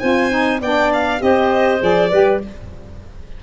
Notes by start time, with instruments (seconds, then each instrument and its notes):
0.00 tuba C4, saxophone F4, clarinet C5, violin G#5
0.30 saxophone D#4
0.60 tuba B3, saxophone D4, clarinet D5, violin G5
0.93 violin F5
1.19 tuba C4, saxophone G4, clarinet C5, violin D#5
1.80 tuba F3, saxophone G#4, violin D5
2.10 tuba G3, saxophone G4, clarinet B4